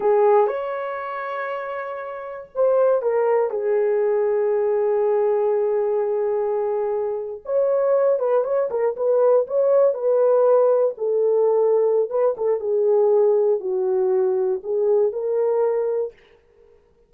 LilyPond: \new Staff \with { instrumentName = "horn" } { \time 4/4 \tempo 4 = 119 gis'4 cis''2.~ | cis''4 c''4 ais'4 gis'4~ | gis'1~ | gis'2~ gis'8. cis''4~ cis''16~ |
cis''16 b'8 cis''8 ais'8 b'4 cis''4 b'16~ | b'4.~ b'16 a'2~ a'16 | b'8 a'8 gis'2 fis'4~ | fis'4 gis'4 ais'2 | }